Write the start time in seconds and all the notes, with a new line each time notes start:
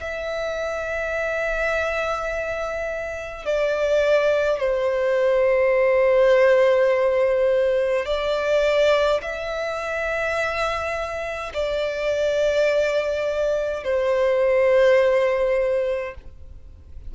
0.00 E5
3.46 D5
4.60 C5
8.06 D5
9.22 E5
11.54 D5
13.84 C5